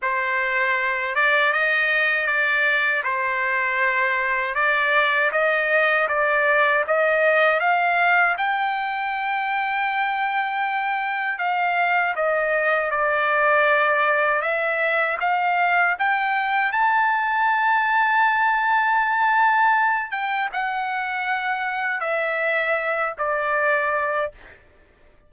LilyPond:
\new Staff \with { instrumentName = "trumpet" } { \time 4/4 \tempo 4 = 79 c''4. d''8 dis''4 d''4 | c''2 d''4 dis''4 | d''4 dis''4 f''4 g''4~ | g''2. f''4 |
dis''4 d''2 e''4 | f''4 g''4 a''2~ | a''2~ a''8 g''8 fis''4~ | fis''4 e''4. d''4. | }